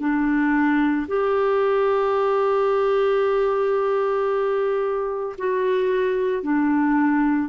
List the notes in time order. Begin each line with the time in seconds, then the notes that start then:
0.00 D4
1.08 G4
5.38 F#4
6.43 D4